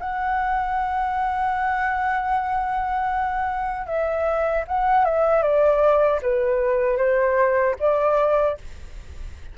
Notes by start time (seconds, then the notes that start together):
0.00 F#5
3.87 E5
4.68 F#5
5.05 E5
5.43 D5
6.22 B4
6.97 C5
7.80 D5